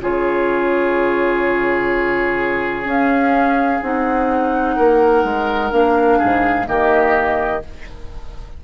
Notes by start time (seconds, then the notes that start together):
0.00 C#3 F4 G#4 C#5
2.84 C#4 F5
3.82 C4 D#4 F#5
4.76 A#3 A#4
5.24 G#3
5.71 A#3 D4 F5
6.18 G#2 G#4
6.65 D#3 A#3 G4 D#5